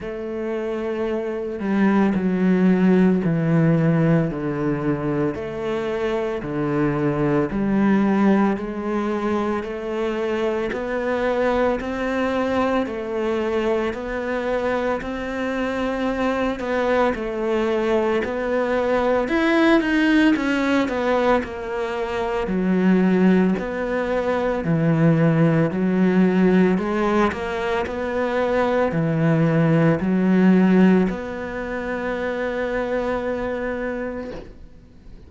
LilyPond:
\new Staff \with { instrumentName = "cello" } { \time 4/4 \tempo 4 = 56 a4. g8 fis4 e4 | d4 a4 d4 g4 | gis4 a4 b4 c'4 | a4 b4 c'4. b8 |
a4 b4 e'8 dis'8 cis'8 b8 | ais4 fis4 b4 e4 | fis4 gis8 ais8 b4 e4 | fis4 b2. | }